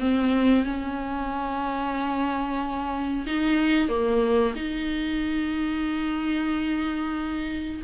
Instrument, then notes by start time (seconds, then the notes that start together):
viola
0.00 C4
0.65 C#4
3.26 D#4
3.89 A#3
4.56 D#4